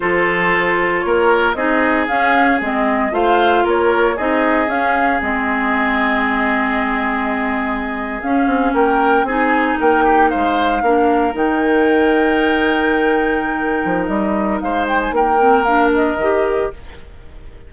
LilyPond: <<
  \new Staff \with { instrumentName = "flute" } { \time 4/4 \tempo 4 = 115 c''2 cis''4 dis''4 | f''4 dis''4 f''4 cis''4 | dis''4 f''4 dis''2~ | dis''2.~ dis''8. f''16~ |
f''8. g''4 gis''4 g''4 f''16~ | f''4.~ f''16 g''2~ g''16~ | g''2. dis''4 | f''8 g''16 gis''16 g''4 f''8 dis''4. | }
  \new Staff \with { instrumentName = "oboe" } { \time 4/4 a'2 ais'4 gis'4~ | gis'2 c''4 ais'4 | gis'1~ | gis'1~ |
gis'8. ais'4 gis'4 ais'8 g'8 c''16~ | c''8. ais'2.~ ais'16~ | ais'1 | c''4 ais'2. | }
  \new Staff \with { instrumentName = "clarinet" } { \time 4/4 f'2. dis'4 | cis'4 c'4 f'2 | dis'4 cis'4 c'2~ | c'2.~ c'8. cis'16~ |
cis'4.~ cis'16 dis'2~ dis'16~ | dis'8. d'4 dis'2~ dis'16~ | dis'1~ | dis'4. c'8 d'4 g'4 | }
  \new Staff \with { instrumentName = "bassoon" } { \time 4/4 f2 ais4 c'4 | cis'4 gis4 a4 ais4 | c'4 cis'4 gis2~ | gis2.~ gis8. cis'16~ |
cis'16 c'8 ais4 c'4 ais4 gis16~ | gis8. ais4 dis2~ dis16~ | dis2~ dis8 f8 g4 | gis4 ais2 dis4 | }
>>